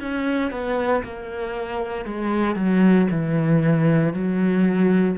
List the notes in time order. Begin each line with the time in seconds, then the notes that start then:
0.00 C#4
0.51 B3
1.04 A#3
2.05 G#3
2.55 F#3
3.11 E3
4.13 F#3